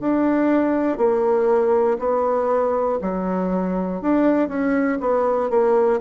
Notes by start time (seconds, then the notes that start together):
0.00 D4
0.97 A#3
1.99 B3
3.01 F#3
4.01 D4
4.48 C#4
5.00 B3
5.50 A#3